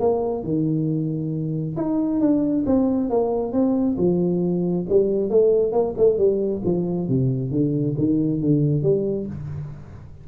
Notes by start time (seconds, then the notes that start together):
0.00 A#3
0.44 D#3
1.77 D#4
2.21 D4
2.67 C4
3.10 A#3
3.53 C4
3.98 F3
4.89 G3
5.30 A3
5.72 A#3
5.98 A3
6.18 G3
6.65 F3
7.08 C3
7.51 D3
7.98 D#3
8.41 D3
8.83 G3